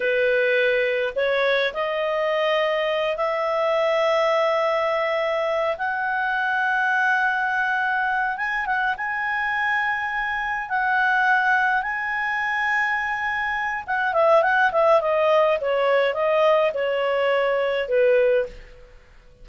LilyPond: \new Staff \with { instrumentName = "clarinet" } { \time 4/4 \tempo 4 = 104 b'2 cis''4 dis''4~ | dis''4. e''2~ e''8~ | e''2 fis''2~ | fis''2~ fis''8 gis''8 fis''8 gis''8~ |
gis''2~ gis''8 fis''4.~ | fis''8 gis''2.~ gis''8 | fis''8 e''8 fis''8 e''8 dis''4 cis''4 | dis''4 cis''2 b'4 | }